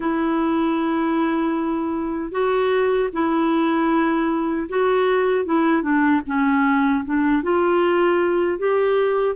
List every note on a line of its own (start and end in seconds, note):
0.00 2.31 E4
2.31 3.09 F#4
3.12 4.68 E4
4.69 5.45 F#4
5.45 5.82 E4
5.82 6.21 D4
6.26 7.04 C#4
7.04 7.42 D4
7.42 8.58 F4
8.58 9.35 G4